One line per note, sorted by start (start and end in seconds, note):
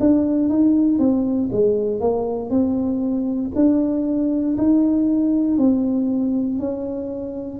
0.00 0.49 D4
0.49 0.99 D#4
0.99 1.50 C4
1.52 2.00 G#3
2.00 2.50 A#3
2.50 3.52 C4
3.55 4.57 D4
4.58 5.57 D#4
5.57 6.59 C4
6.59 7.60 C#4